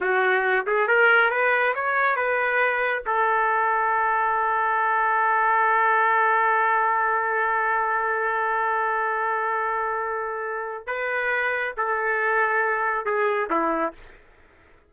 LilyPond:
\new Staff \with { instrumentName = "trumpet" } { \time 4/4 \tempo 4 = 138 fis'4. gis'8 ais'4 b'4 | cis''4 b'2 a'4~ | a'1~ | a'1~ |
a'1~ | a'1~ | a'4 b'2 a'4~ | a'2 gis'4 e'4 | }